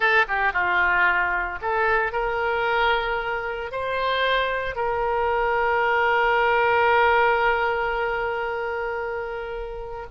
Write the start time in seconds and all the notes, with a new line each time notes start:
0.00 A4
0.28 G4
0.52 F4
1.61 A4
2.12 A#4
3.71 C5
4.75 A#4